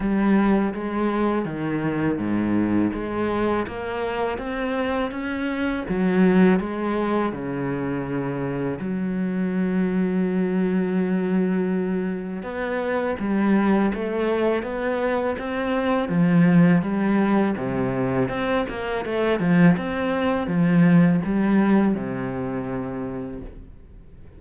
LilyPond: \new Staff \with { instrumentName = "cello" } { \time 4/4 \tempo 4 = 82 g4 gis4 dis4 gis,4 | gis4 ais4 c'4 cis'4 | fis4 gis4 cis2 | fis1~ |
fis4 b4 g4 a4 | b4 c'4 f4 g4 | c4 c'8 ais8 a8 f8 c'4 | f4 g4 c2 | }